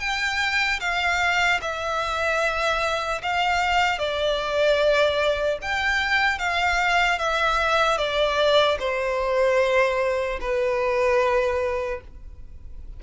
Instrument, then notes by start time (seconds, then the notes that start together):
violin
0.00 G5
0.80 F5
1.62 E5
3.23 F5
3.99 D5
5.62 G5
6.39 F5
7.19 E5
7.98 D5
8.80 C5
10.41 B4